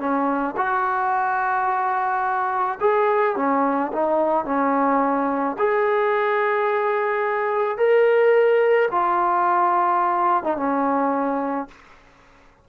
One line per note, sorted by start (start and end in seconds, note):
0.00 0.56 C#4
0.57 2.79 F#4
2.81 3.36 G#4
3.36 3.92 C#4
3.93 4.46 D#4
4.46 5.57 C#4
5.59 7.78 G#4
7.78 8.89 A#4
8.92 10.44 F4
10.44 10.57 D#4
10.57 11.68 C#4